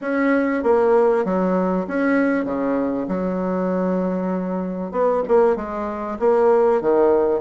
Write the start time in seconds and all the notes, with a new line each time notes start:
0.01 C#4
0.63 A#3
1.24 F#3
1.87 C#4
2.44 C#3
3.08 F#3
4.91 B3
5.27 A#3
5.56 G#3
6.19 A#3
6.81 D#3